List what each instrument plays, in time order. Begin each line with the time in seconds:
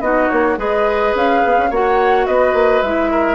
0.00 bassoon B3, clarinet D#4, oboe F#4, flute D#5
0.29 bassoon A#3, flute C#5
0.57 bassoon G#3, clarinet G#4, oboe B4, flute D#5
1.15 bassoon C#4, flute F5
1.45 bassoon B3
1.57 bassoon C#4
1.70 bassoon A#3, clarinet F#4, oboe C#5, flute F#5
2.26 bassoon B3, oboe B4, flute D#5
2.53 bassoon A#3
2.81 bassoon G#3, clarinet E4, flute E5
3.11 oboe A#4